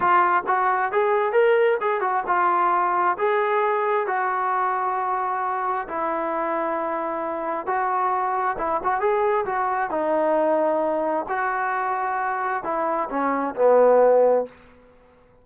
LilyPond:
\new Staff \with { instrumentName = "trombone" } { \time 4/4 \tempo 4 = 133 f'4 fis'4 gis'4 ais'4 | gis'8 fis'8 f'2 gis'4~ | gis'4 fis'2.~ | fis'4 e'2.~ |
e'4 fis'2 e'8 fis'8 | gis'4 fis'4 dis'2~ | dis'4 fis'2. | e'4 cis'4 b2 | }